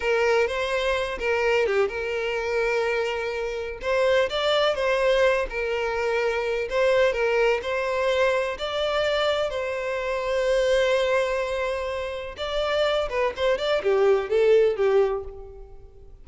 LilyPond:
\new Staff \with { instrumentName = "violin" } { \time 4/4 \tempo 4 = 126 ais'4 c''4. ais'4 g'8 | ais'1 | c''4 d''4 c''4. ais'8~ | ais'2 c''4 ais'4 |
c''2 d''2 | c''1~ | c''2 d''4. b'8 | c''8 d''8 g'4 a'4 g'4 | }